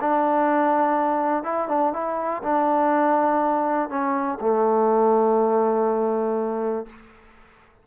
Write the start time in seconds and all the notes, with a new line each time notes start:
0.00 D4
1.43 E4
1.68 D4
1.93 E4
2.43 D4
3.89 C#4
4.40 A3